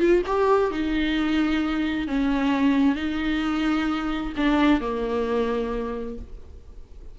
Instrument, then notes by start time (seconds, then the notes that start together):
viola
0.00 F4
0.26 G4
0.71 D#4
2.08 C#4
2.96 D#4
4.37 D4
4.81 A#3